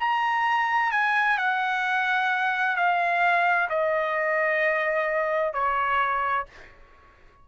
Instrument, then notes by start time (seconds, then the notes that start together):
trumpet
0.00 A#5
0.91 G#5
1.38 F#5
2.76 F5
3.70 D#5
5.53 C#5